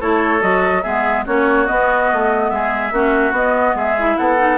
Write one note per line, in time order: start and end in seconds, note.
0.00 0.42 A3
0.00 0.40 E4
0.00 0.83 A4
0.00 0.42 C#5
0.40 0.84 F#3
0.40 0.82 F#4
0.40 0.83 D#5
0.83 1.27 G#3
0.83 1.26 B3
0.83 1.25 G#4
0.83 1.24 E5
1.26 1.69 A#3
1.26 1.67 C#4
1.26 2.51 F#4
1.26 1.67 C#5
1.67 2.92 B3
1.67 2.11 B3
1.67 2.50 D#5
2.13 2.50 A3
2.50 2.91 G#3
2.50 2.93 G#4
2.50 3.33 E5
2.91 3.31 A#3
2.91 3.34 C#4
2.91 3.76 F#4
3.31 3.73 B3
3.31 3.97 B3
3.31 3.77 D#5
3.74 4.16 G#3
3.74 4.17 G#4
3.74 4.17 E5
3.98 4.38 E4
4.17 4.58 B3
4.17 4.58 A4
4.17 4.58 F#5
4.38 4.58 D#4